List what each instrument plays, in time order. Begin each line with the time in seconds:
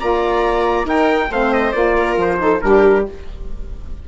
0.00 bassoon A#3, saxophone F4, viola D5, trumpet A#5
0.84 saxophone D#4, bassoon D#4, viola A#4, trumpet G5
1.30 bassoon A3, saxophone C4, viola C5, trumpet F5
1.54 trumpet D#5
1.72 bassoon A#3, saxophone F4, trumpet D5
1.96 viola A#4
2.17 bassoon F3, trumpet C5
2.39 saxophone D#4, viola A4
2.62 bassoon G3, saxophone D4, viola G4, trumpet A#4